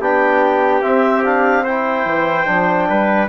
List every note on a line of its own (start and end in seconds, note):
0.00 0.82 B3
0.00 0.82 D4
0.00 1.64 G4
0.00 0.82 G5
0.82 1.23 C4
0.82 2.05 C4
0.82 1.23 E5
1.24 1.65 D4
1.24 1.65 F5
1.64 2.46 E4
1.64 2.87 C5
1.64 3.29 G5
2.05 2.46 E3
2.46 2.89 F3
2.46 3.28 D4
2.89 3.29 G3
2.89 3.29 B4